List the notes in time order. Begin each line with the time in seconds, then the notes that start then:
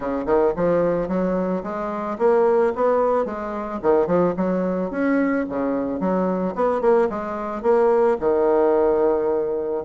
0.00 C#3
0.26 D#3
0.56 F3
1.08 F#3
1.63 G#3
2.18 A#3
2.75 B3
3.25 G#3
3.82 D#3
4.06 F3
4.37 F#3
4.90 C#4
5.49 C#3
6.00 F#3
6.55 B3
6.81 A#3
7.09 G#3
7.62 A#3
8.20 D#3